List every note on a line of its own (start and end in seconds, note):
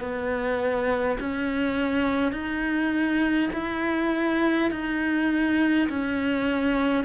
0.00 1.18 B3
1.20 2.32 C#4
2.32 3.50 D#4
3.53 4.71 E4
4.71 5.89 D#4
5.89 7.05 C#4